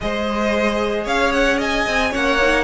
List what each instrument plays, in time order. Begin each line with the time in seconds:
0.01 cello G#3, viola G#4, violin C5 D#5
1.05 cello C#4, violin C#5 F5
1.32 violin F#5
1.57 violin D#5 G#5
1.87 cello C4
2.11 cello A#3, viola C#4, violin C#5 F#5
2.41 viola D#4